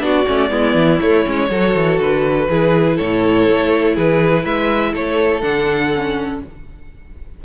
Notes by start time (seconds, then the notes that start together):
0.00 B3 D4 F#4
0.07 D5
0.27 A3 C#4
0.50 G#3 B3 E4
0.75 E3
1.01 A3 C#5
1.25 G#3 C#4
1.50 F#3 F#4 A4
1.75 E3
1.99 D3 B4
2.50 E3 E4 G#4
2.97 A2 A4 C#5
3.50 A3
3.95 E3 G#4 B4
4.43 G#3 B4 E5
4.93 A3 A4 C#5
5.41 D3 D4 F#5
5.96 C#4